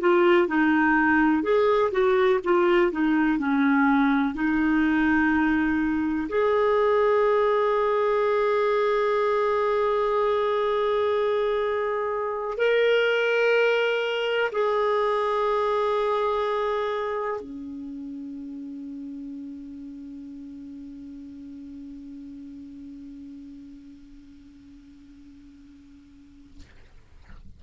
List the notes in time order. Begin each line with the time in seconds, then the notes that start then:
0.00 F4
0.48 D#4
1.43 G#4
1.92 F#4
2.44 F4
2.92 D#4
3.39 C#4
4.35 D#4
6.29 G#4
12.58 A#4
14.52 G#4
17.41 C#4